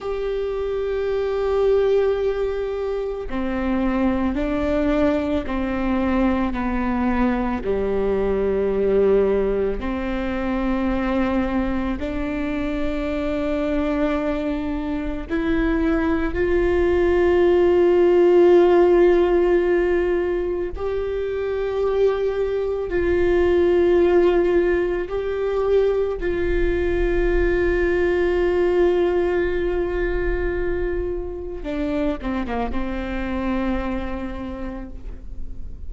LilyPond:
\new Staff \with { instrumentName = "viola" } { \time 4/4 \tempo 4 = 55 g'2. c'4 | d'4 c'4 b4 g4~ | g4 c'2 d'4~ | d'2 e'4 f'4~ |
f'2. g'4~ | g'4 f'2 g'4 | f'1~ | f'4 d'8 c'16 ais16 c'2 | }